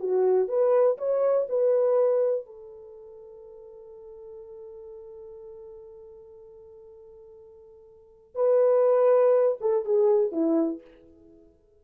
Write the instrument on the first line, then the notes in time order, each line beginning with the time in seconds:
horn
0.00 F#4
0.48 B4
0.98 C#5
1.49 B4
2.46 A4
8.35 B4
9.61 A4
9.85 G#4
10.32 E4